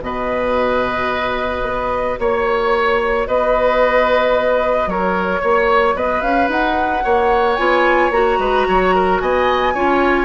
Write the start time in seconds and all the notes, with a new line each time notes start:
0.00 B2 F#4 B4 D#5
1.62 B3
2.19 A#3 C#5
3.27 B3 B4 D#5
4.86 F#3 A#4 C#5
5.41 A#3 C#5
5.94 B3 B4 D#5
6.21 C#4 F5
6.49 D#4 F#5
7.04 A#3 C#5
7.56 B3 F4 G#5
8.10 A#3 F#4 A#5
8.39 G#3 B4
8.68 F#3 C#5
8.95 A#4
9.20 B3 D#5 G#5
9.74 C#4 F4 C#5